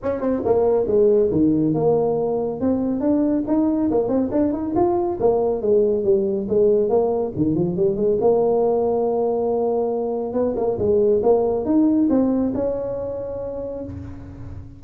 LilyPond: \new Staff \with { instrumentName = "tuba" } { \time 4/4 \tempo 4 = 139 cis'8 c'8 ais4 gis4 dis4 | ais2 c'4 d'4 | dis'4 ais8 c'8 d'8 dis'8 f'4 | ais4 gis4 g4 gis4 |
ais4 dis8 f8 g8 gis8 ais4~ | ais1 | b8 ais8 gis4 ais4 dis'4 | c'4 cis'2. | }